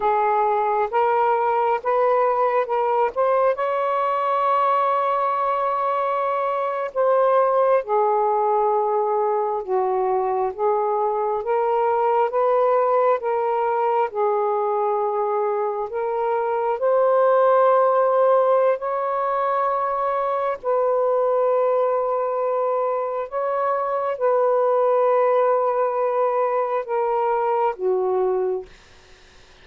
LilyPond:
\new Staff \with { instrumentName = "saxophone" } { \time 4/4 \tempo 4 = 67 gis'4 ais'4 b'4 ais'8 c''8 | cis''2.~ cis''8. c''16~ | c''8. gis'2 fis'4 gis'16~ | gis'8. ais'4 b'4 ais'4 gis'16~ |
gis'4.~ gis'16 ais'4 c''4~ c''16~ | c''4 cis''2 b'4~ | b'2 cis''4 b'4~ | b'2 ais'4 fis'4 | }